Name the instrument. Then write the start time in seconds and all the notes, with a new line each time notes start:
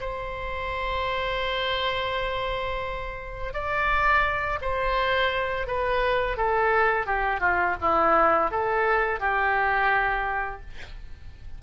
oboe
0.00 C5
3.53 D5
4.61 C5
5.66 B4
6.37 A4
7.06 G4
7.40 F4
7.80 E4
8.51 A4
9.19 G4